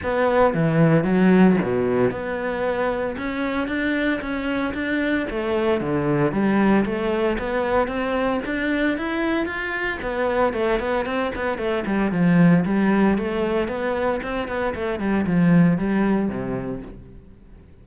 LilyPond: \new Staff \with { instrumentName = "cello" } { \time 4/4 \tempo 4 = 114 b4 e4 fis4 b,4 | b2 cis'4 d'4 | cis'4 d'4 a4 d4 | g4 a4 b4 c'4 |
d'4 e'4 f'4 b4 | a8 b8 c'8 b8 a8 g8 f4 | g4 a4 b4 c'8 b8 | a8 g8 f4 g4 c4 | }